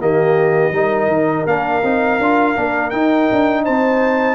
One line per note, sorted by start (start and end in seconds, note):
0.00 0.72 D#3
0.00 0.73 A#3
0.00 0.74 G4
0.00 1.47 D#5
0.72 1.07 G3
0.72 1.46 D#4
0.72 3.64 A#4
1.07 1.44 D#3
1.46 1.83 A#3
1.46 1.83 D4
1.46 2.90 F5
1.83 2.19 C4
1.83 2.21 D#4
2.19 2.56 D4
2.19 2.56 F4
2.56 2.92 A#3
2.56 2.92 D4
2.90 4.35 D#4
2.90 3.29 D#4
2.90 3.63 G5
3.32 3.68 D4
3.64 4.35 C4
3.64 4.35 C5
3.64 4.35 A5